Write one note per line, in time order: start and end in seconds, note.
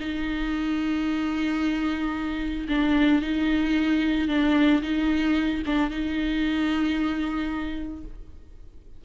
0.00 2.68 D#4
2.69 3.22 D4
3.22 4.29 D#4
4.29 4.82 D4
4.83 5.63 D#4
5.67 5.91 D4
5.91 8.05 D#4